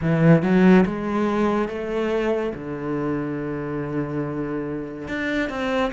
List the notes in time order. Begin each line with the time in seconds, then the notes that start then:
0.01 E3
0.42 F#3
0.85 G#3
1.68 A3
2.54 D3
5.07 D4
5.49 C4